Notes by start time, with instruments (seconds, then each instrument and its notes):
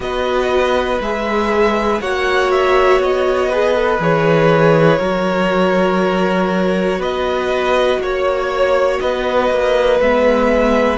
0.00 cello B3, viola F#4, violin B4 D#5
1.00 cello G#3, viola G#4, violin E5
2.01 cello A#3, viola F#4, violin C#5 F#5
2.51 violin E5
2.99 cello B3, violin D#5
3.49 viola G#4, violin B4
3.74 viola A4
3.98 cello E3, viola G#4, violin C#5
4.99 cello F#3, viola F#4, violin A#4
6.97 cello B3, violin B4 D#5
7.98 cello A#3, violin C#5
9.00 cello B3, violin B4 D#5
9.50 cello A#3
10.00 cello G#3, viola B3, violin E5